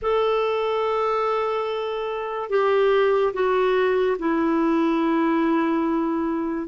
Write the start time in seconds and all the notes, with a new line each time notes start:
0.02 A4
2.49 G4
3.33 F#4
4.19 E4